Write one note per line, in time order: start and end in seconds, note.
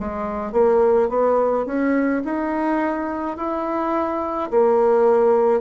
0.00 0.52 G#3
0.52 1.09 A#3
1.09 1.66 B3
1.66 2.23 C#4
2.25 3.37 D#4
3.37 4.50 E4
4.51 5.61 A#3